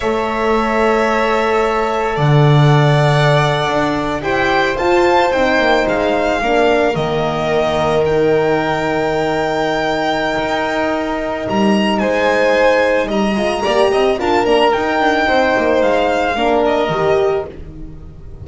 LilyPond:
<<
  \new Staff \with { instrumentName = "violin" } { \time 4/4 \tempo 4 = 110 e''1 | fis''2.~ fis''8. g''16~ | g''8. a''4 g''4 f''4~ f''16~ | f''8. dis''2 g''4~ g''16~ |
g''1~ | g''4 ais''4 gis''2 | ais''2 a''8 ais''8 g''4~ | g''4 f''4. dis''4. | }
  \new Staff \with { instrumentName = "violin" } { \time 4/4 cis''1 | d''2.~ d''8. c''16~ | c''2.~ c''8. ais'16~ | ais'1~ |
ais'1~ | ais'2 c''2 | dis''4 d''8 dis''8 ais'2 | c''2 ais'2 | }
  \new Staff \with { instrumentName = "horn" } { \time 4/4 a'1~ | a'2.~ a'8. g'16~ | g'8. f'4 dis'2 d'16~ | d'8. ais2 dis'4~ dis'16~ |
dis'1~ | dis'1~ | dis'8 f'8 g'4 f'8 d'8 dis'4~ | dis'2 d'4 g'4 | }
  \new Staff \with { instrumentName = "double bass" } { \time 4/4 a1 | d2~ d8. d'4 e'16~ | e'8. f'4 c'8 ais8 gis4 ais16~ | ais8. dis2.~ dis16~ |
dis2. dis'4~ | dis'4 g4 gis2 | g8 gis8 ais8 c'8 d'8 ais8 dis'8 d'8 | c'8 ais8 gis4 ais4 dis4 | }
>>